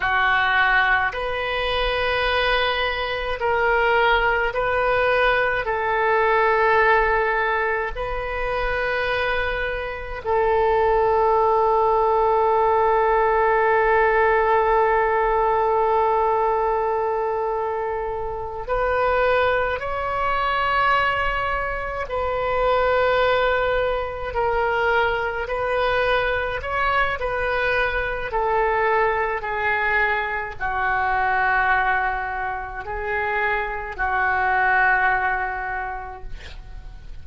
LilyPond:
\new Staff \with { instrumentName = "oboe" } { \time 4/4 \tempo 4 = 53 fis'4 b'2 ais'4 | b'4 a'2 b'4~ | b'4 a'2.~ | a'1~ |
a'8 b'4 cis''2 b'8~ | b'4. ais'4 b'4 cis''8 | b'4 a'4 gis'4 fis'4~ | fis'4 gis'4 fis'2 | }